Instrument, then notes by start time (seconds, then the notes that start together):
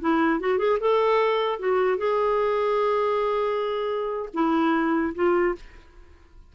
clarinet
0.00 E4
0.40 F#4
0.58 G#4
0.80 A4
1.59 F#4
1.97 G#4
4.33 E4
5.15 F4